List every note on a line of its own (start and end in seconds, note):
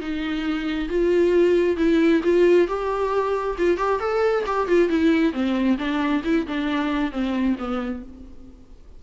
0.00 0.88 D#4
0.88 1.76 F4
1.76 2.21 E4
2.23 2.67 F4
2.67 3.56 G4
3.58 3.77 F4
3.77 3.99 G4
3.99 4.43 A4
4.46 4.67 G4
4.67 4.89 F4
4.89 5.32 E4
5.32 5.77 C4
5.78 6.22 D4
6.24 6.46 E4
6.46 7.11 D4
7.11 7.56 C4
7.58 8.02 B3